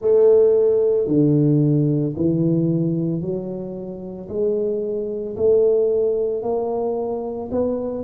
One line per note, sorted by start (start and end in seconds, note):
0.01 1.07 A3
1.07 2.14 D3
2.16 3.21 E3
3.21 4.28 F#3
4.29 5.36 G#3
5.36 6.42 A3
6.42 7.49 A#3
7.50 8.04 B3